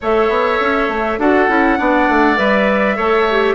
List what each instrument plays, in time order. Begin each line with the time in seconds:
0.00 bassoon A3, clarinet A4, oboe C#5, flute E5
0.29 bassoon B3
0.60 bassoon C#4
0.88 bassoon A3
1.18 bassoon D4, clarinet F#4, oboe A4, flute F#5
1.48 bassoon C#4, clarinet E4
1.77 bassoon B3, clarinet D4, oboe D5
2.09 bassoon A3
2.37 bassoon G3, clarinet B4, flute E5
2.96 bassoon A3, clarinet A4, oboe C#5
3.30 clarinet G4